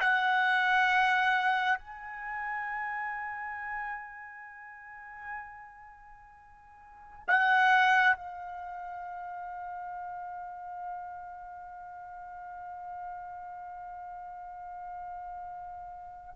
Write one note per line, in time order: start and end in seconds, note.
0.00 1.78 F#5
1.78 7.23 G#5
7.27 8.16 F#5
8.16 16.34 F5